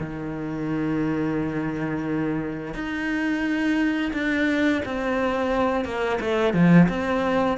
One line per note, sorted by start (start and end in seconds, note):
0.00 2.75 D#3
2.75 4.13 D#4
4.14 4.83 D4
4.86 5.85 C4
5.85 6.19 A#3
6.21 6.54 A3
6.54 6.88 F3
6.89 7.58 C4